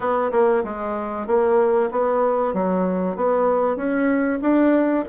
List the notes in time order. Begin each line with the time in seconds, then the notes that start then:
0.00 B3
0.31 A#3
0.63 G#3
1.27 A#3
1.91 B3
2.53 F#3
3.16 B3
3.76 C#4
4.41 D4